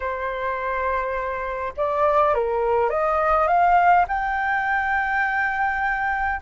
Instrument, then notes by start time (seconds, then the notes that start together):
flute
0.00 C5
1.76 D5
2.34 A#4
2.89 D#5
3.47 F5
4.08 G5